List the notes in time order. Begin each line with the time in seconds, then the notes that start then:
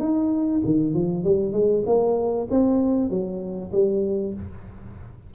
0.00 D#4
0.65 D#3
0.94 F3
1.24 G3
1.53 G#3
1.86 A#3
2.51 C4
3.10 F#3
3.72 G3